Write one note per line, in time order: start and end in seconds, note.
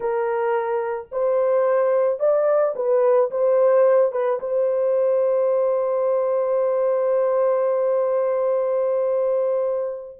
0.00 1.07 A#4
1.11 2.19 C5
2.19 2.74 D5
2.75 3.30 B4
3.30 4.12 C5
4.12 4.39 B4
4.40 10.18 C5